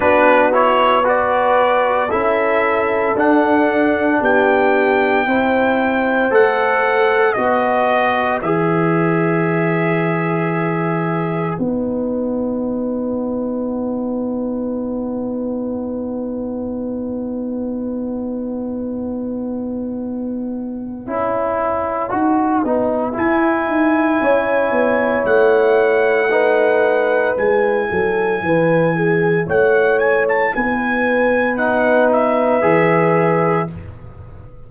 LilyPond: <<
  \new Staff \with { instrumentName = "trumpet" } { \time 4/4 \tempo 4 = 57 b'8 cis''8 d''4 e''4 fis''4 | g''2 fis''4 dis''4 | e''2. fis''4~ | fis''1~ |
fis''1~ | fis''2 gis''2 | fis''2 gis''2 | fis''8 gis''16 a''16 gis''4 fis''8 e''4. | }
  \new Staff \with { instrumentName = "horn" } { \time 4/4 fis'4 b'4 a'2 | g'4 c''2 b'4~ | b'1~ | b'1~ |
b'1~ | b'2. cis''4~ | cis''4 b'4. a'8 b'8 gis'8 | cis''4 b'2. | }
  \new Staff \with { instrumentName = "trombone" } { \time 4/4 d'8 e'8 fis'4 e'4 d'4~ | d'4 e'4 a'4 fis'4 | gis'2. dis'4~ | dis'1~ |
dis'1 | e'4 fis'8 dis'8 e'2~ | e'4 dis'4 e'2~ | e'2 dis'4 gis'4 | }
  \new Staff \with { instrumentName = "tuba" } { \time 4/4 b2 cis'4 d'4 | b4 c'4 a4 b4 | e2. b4~ | b1~ |
b1 | cis'4 dis'8 b8 e'8 dis'8 cis'8 b8 | a2 gis8 fis8 e4 | a4 b2 e4 | }
>>